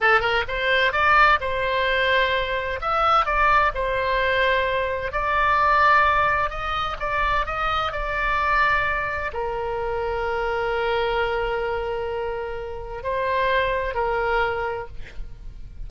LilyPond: \new Staff \with { instrumentName = "oboe" } { \time 4/4 \tempo 4 = 129 a'8 ais'8 c''4 d''4 c''4~ | c''2 e''4 d''4 | c''2. d''4~ | d''2 dis''4 d''4 |
dis''4 d''2. | ais'1~ | ais'1 | c''2 ais'2 | }